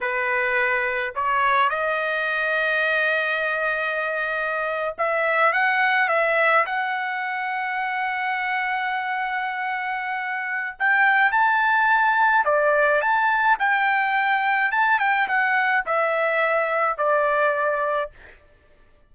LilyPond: \new Staff \with { instrumentName = "trumpet" } { \time 4/4 \tempo 4 = 106 b'2 cis''4 dis''4~ | dis''1~ | dis''8. e''4 fis''4 e''4 fis''16~ | fis''1~ |
fis''2. g''4 | a''2 d''4 a''4 | g''2 a''8 g''8 fis''4 | e''2 d''2 | }